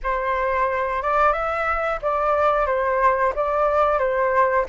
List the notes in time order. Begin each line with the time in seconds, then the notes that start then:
0.03 C5
1.02 D5
1.32 E5
2.02 D5
2.66 C5
3.35 D5
3.98 C5